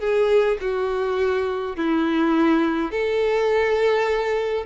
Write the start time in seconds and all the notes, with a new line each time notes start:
0.00 G#4
0.61 F#4
1.77 E4
2.92 A4